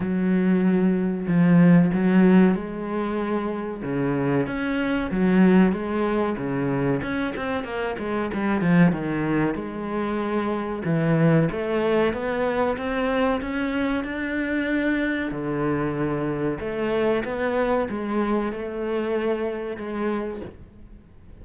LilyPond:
\new Staff \with { instrumentName = "cello" } { \time 4/4 \tempo 4 = 94 fis2 f4 fis4 | gis2 cis4 cis'4 | fis4 gis4 cis4 cis'8 c'8 | ais8 gis8 g8 f8 dis4 gis4~ |
gis4 e4 a4 b4 | c'4 cis'4 d'2 | d2 a4 b4 | gis4 a2 gis4 | }